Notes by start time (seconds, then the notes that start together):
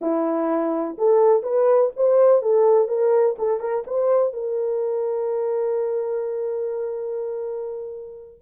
0.01 E4
0.98 A4
1.42 B4
1.96 C5
2.41 A4
2.88 A#4
3.38 A4
3.60 A#4
3.86 C5
4.33 A#4